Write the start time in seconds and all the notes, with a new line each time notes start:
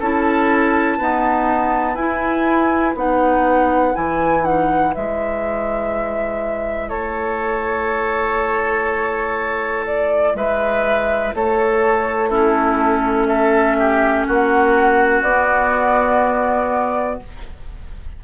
0.00 C#4 E4 A4 A5
0.98 B3 D#4 B4
1.95 E4 G#5
2.95 B3 D#4 F#5
3.93 E3 E4 G#5
4.44 D#4 F#5
4.93 G#3 E4 E5
6.89 A3 A4 C#5
9.86 D5
10.34 G#3 B4 E5
11.34 A3 A4 C#5
12.29 C#4 E4 A4
13.27 A4 E5
13.79 G4
14.27 A#3 F#4 F#5
15.21 B3 D5